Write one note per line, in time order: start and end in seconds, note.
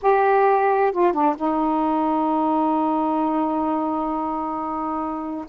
0.01 0.92 G4
0.92 1.12 F4
1.12 1.35 D4
1.36 5.45 D#4